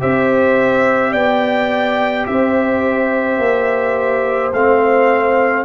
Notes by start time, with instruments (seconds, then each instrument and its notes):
0.00 tuba C4, trombone G4, horn C5, trumpet E5
1.12 tuba B3, horn D5, trumpet G5
2.27 tuba C4, horn C5, trumpet E5
3.39 tuba A#3
4.53 tuba A3, trombone C4, trumpet F5